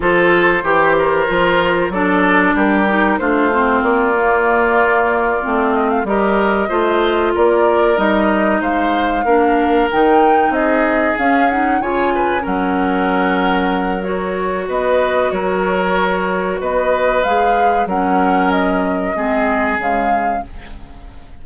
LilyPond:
<<
  \new Staff \with { instrumentName = "flute" } { \time 4/4 \tempo 4 = 94 c''2. d''4 | ais'4 c''4 d''2~ | d''4 dis''16 f''16 dis''2 d''8~ | d''8 dis''4 f''2 g''8~ |
g''8 dis''4 f''8 fis''8 gis''4 fis''8~ | fis''2 cis''4 dis''4 | cis''2 dis''4 f''4 | fis''4 dis''2 f''4 | }
  \new Staff \with { instrumentName = "oboe" } { \time 4/4 a'4 g'8 ais'4. a'4 | g'4 f'2.~ | f'4. ais'4 c''4 ais'8~ | ais'4. c''4 ais'4.~ |
ais'8 gis'2 cis''8 b'8 ais'8~ | ais'2. b'4 | ais'2 b'2 | ais'2 gis'2 | }
  \new Staff \with { instrumentName = "clarinet" } { \time 4/4 f'4 g'4 f'4 d'4~ | d'8 dis'8 d'8 c'4 ais4.~ | ais8 c'4 g'4 f'4.~ | f'8 dis'2 d'4 dis'8~ |
dis'4. cis'8 dis'8 f'4 cis'8~ | cis'2 fis'2~ | fis'2. gis'4 | cis'2 c'4 gis4 | }
  \new Staff \with { instrumentName = "bassoon" } { \time 4/4 f4 e4 f4 fis4 | g4 a4 ais2~ | ais8 a4 g4 a4 ais8~ | ais8 g4 gis4 ais4 dis8~ |
dis8 c'4 cis'4 cis4 fis8~ | fis2. b4 | fis2 b4 gis4 | fis2 gis4 cis4 | }
>>